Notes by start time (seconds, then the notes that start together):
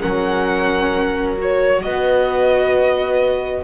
0.00 F#3 C#4 A#4 F#5
1.38 F#4 C#5
1.83 B3 B4 D#5